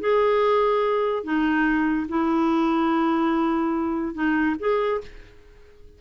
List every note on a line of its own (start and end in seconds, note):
0.00 1.24 G#4
1.24 2.07 D#4
2.08 4.14 E4
4.14 4.55 D#4
4.59 5.01 G#4